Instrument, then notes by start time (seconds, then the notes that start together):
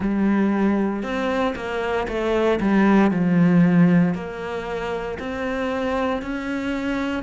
cello
0.00 G3
1.03 C4
1.55 A#3
2.07 A3
2.60 G3
3.10 F3
4.14 A#3
5.19 C4
6.22 C#4